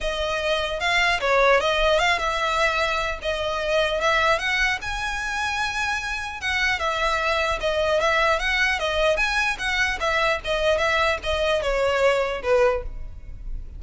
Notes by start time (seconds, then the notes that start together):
0.01 D#5
0.80 F5
1.20 C#5
1.60 D#5
1.98 F5
2.18 E5
3.22 D#5
4.00 E5
4.38 F#5
4.81 G#5
6.41 F#5
6.79 E5
7.60 D#5
8.00 E5
8.39 F#5
8.79 D#5
9.17 G#5
9.59 F#5
9.99 E5
10.44 D#5
10.77 E5
11.23 D#5
11.62 C#5
12.42 B4